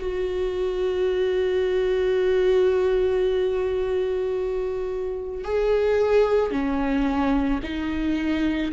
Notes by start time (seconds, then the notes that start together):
0.00 F#4
5.44 G#4
6.51 C#4
7.63 D#4